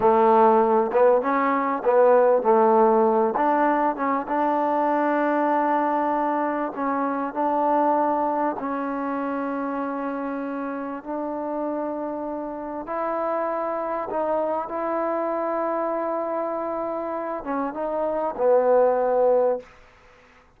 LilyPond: \new Staff \with { instrumentName = "trombone" } { \time 4/4 \tempo 4 = 98 a4. b8 cis'4 b4 | a4. d'4 cis'8 d'4~ | d'2. cis'4 | d'2 cis'2~ |
cis'2 d'2~ | d'4 e'2 dis'4 | e'1~ | e'8 cis'8 dis'4 b2 | }